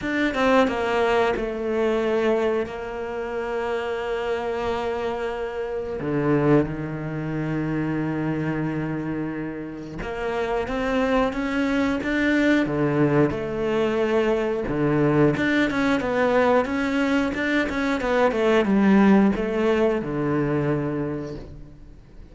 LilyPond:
\new Staff \with { instrumentName = "cello" } { \time 4/4 \tempo 4 = 90 d'8 c'8 ais4 a2 | ais1~ | ais4 d4 dis2~ | dis2. ais4 |
c'4 cis'4 d'4 d4 | a2 d4 d'8 cis'8 | b4 cis'4 d'8 cis'8 b8 a8 | g4 a4 d2 | }